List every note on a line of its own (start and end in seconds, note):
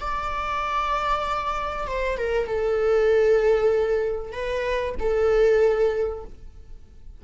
0.00 1.87 D5
1.87 2.18 C5
2.18 2.47 A#4
2.47 4.32 A4
4.32 4.95 B4
4.99 6.24 A4